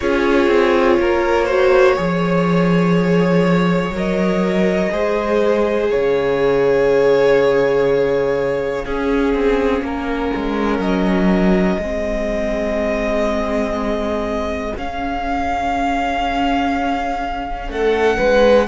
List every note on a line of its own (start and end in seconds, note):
0.00 0.47 C#4
0.00 1.48 F4
0.00 0.99 G#4
0.00 3.93 C#5
0.47 0.96 C4
0.99 1.97 A#3
0.99 1.45 A#4
1.45 1.96 F#4
1.45 1.94 C5
1.96 3.90 F3
1.96 3.93 G#4
1.96 4.91 C#5
3.90 4.88 F#3
3.90 4.90 A#4
3.96 5.90 D#5
4.90 5.90 G#3
4.90 8.84 G#4
4.90 5.90 C5
5.90 8.85 C#3
5.90 8.85 C#5
5.90 10.81 F5
8.85 9.34 C#4
8.85 11.81 C#4
8.85 9.83 G#4
9.34 9.81 C4
9.81 10.31 A#3
9.81 11.80 A#4
10.35 10.78 G#3
10.78 11.77 F#3
10.78 14.74 D#5
11.78 14.73 G#3
11.78 14.76 C4
11.78 17.70 G#4
14.76 17.68 C#4
14.76 18.68 C#4
14.76 17.70 F5
17.68 18.17 A3
17.68 18.17 A4
17.68 18.68 F#5
18.17 18.68 G#3
18.17 18.66 B4